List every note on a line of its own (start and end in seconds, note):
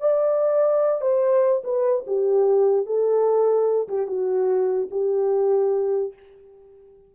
0.00 1.01 D5
1.01 1.62 C5
1.64 2.05 B4
2.07 2.86 G4
2.86 3.88 A4
3.88 4.07 G4
4.07 4.89 F#4
4.91 6.13 G4